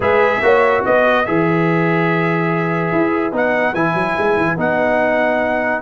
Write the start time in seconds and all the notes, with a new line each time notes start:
0.00 G#3 G#4 B4 E5
0.42 A#3 F#4 C#5
0.84 B3 B4 D#5
1.25 E3 G#4 E5
2.92 E4
3.32 B3 D#4 F#5
3.74 E3 E4 G#5
3.94 F#3
4.18 G#3
4.37 E3
4.57 B3 D#4 F#5